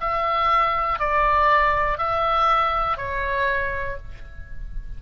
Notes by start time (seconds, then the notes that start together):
0.00 E5
0.99 D5
1.98 E5
2.97 C#5